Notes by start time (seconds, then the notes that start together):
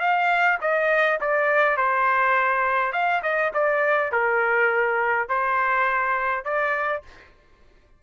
0.00 F5
0.61 D#5
1.21 D5
1.77 C5
2.92 F5
3.23 D#5
3.53 D5
4.12 A#4
5.28 C5
6.44 D5